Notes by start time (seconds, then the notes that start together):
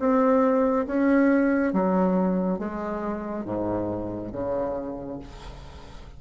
0.00 C4
0.87 C#4
1.74 F#3
2.59 G#3
3.46 G#2
4.33 C#3